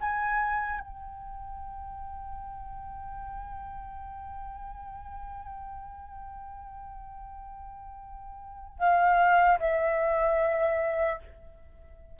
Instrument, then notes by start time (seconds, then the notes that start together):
flute
0.00 G#5
0.80 G5
8.78 F5
9.59 E5